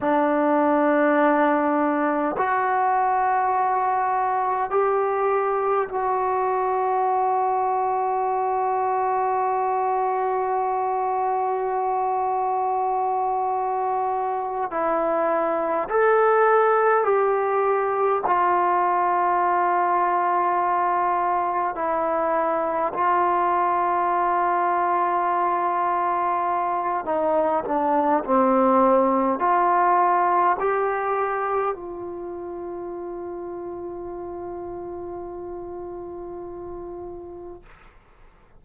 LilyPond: \new Staff \with { instrumentName = "trombone" } { \time 4/4 \tempo 4 = 51 d'2 fis'2 | g'4 fis'2.~ | fis'1~ | fis'8 e'4 a'4 g'4 f'8~ |
f'2~ f'8 e'4 f'8~ | f'2. dis'8 d'8 | c'4 f'4 g'4 f'4~ | f'1 | }